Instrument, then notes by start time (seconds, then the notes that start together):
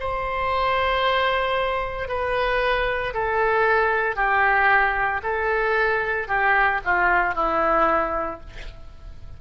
oboe
0.00 C5
2.09 B4
3.14 A4
4.16 G4
5.23 A4
6.28 G4
6.85 F4
7.35 E4